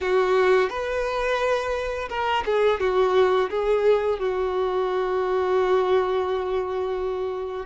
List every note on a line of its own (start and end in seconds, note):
0.00 0.69 F#4
0.69 2.09 B4
2.09 2.44 A#4
2.45 2.79 G#4
2.79 3.49 F#4
3.49 4.19 G#4
4.19 7.66 F#4